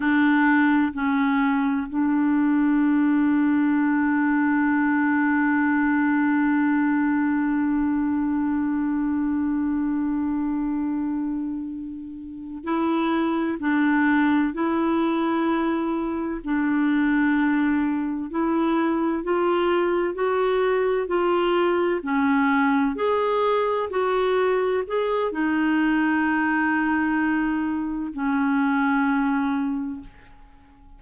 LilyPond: \new Staff \with { instrumentName = "clarinet" } { \time 4/4 \tempo 4 = 64 d'4 cis'4 d'2~ | d'1~ | d'1~ | d'4. e'4 d'4 e'8~ |
e'4. d'2 e'8~ | e'8 f'4 fis'4 f'4 cis'8~ | cis'8 gis'4 fis'4 gis'8 dis'4~ | dis'2 cis'2 | }